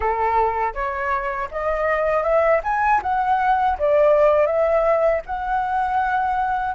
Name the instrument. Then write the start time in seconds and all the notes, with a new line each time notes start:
flute
0.00 A4
0.73 C#5
1.51 D#5
2.23 E5
2.63 G#5
3.02 F#5
3.78 D5
4.46 E5
5.26 F#5